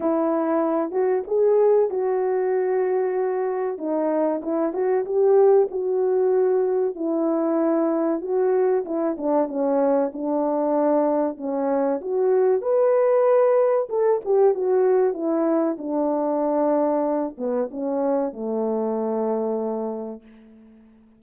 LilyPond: \new Staff \with { instrumentName = "horn" } { \time 4/4 \tempo 4 = 95 e'4. fis'8 gis'4 fis'4~ | fis'2 dis'4 e'8 fis'8 | g'4 fis'2 e'4~ | e'4 fis'4 e'8 d'8 cis'4 |
d'2 cis'4 fis'4 | b'2 a'8 g'8 fis'4 | e'4 d'2~ d'8 b8 | cis'4 a2. | }